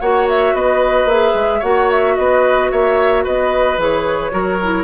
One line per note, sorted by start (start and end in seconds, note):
0.00 0.54 A#3
0.00 1.10 F#4
0.00 0.55 C#5
0.00 0.27 F#5
0.29 0.55 E5
0.54 1.05 B3
0.54 1.59 B4
0.54 1.09 D#5
1.05 1.32 A#3
1.05 1.62 G#4
1.05 1.63 E5
1.34 1.61 G#3
1.59 2.17 A#3
1.59 3.78 F#4
1.59 2.14 C#5
1.59 1.90 F#5
1.91 2.16 E5
2.16 2.72 B3
2.16 2.71 B4
2.16 2.70 D#5
2.71 3.26 A#3
2.71 3.24 C#5
2.71 3.25 E5
3.24 3.77 B3
3.24 4.32 B4
3.24 3.80 D#5
3.77 4.32 E3
3.77 4.31 G#4
3.77 4.84 C#5
4.31 4.84 F#3
4.31 4.58 F#4
4.31 4.84 A#4
4.63 4.84 E4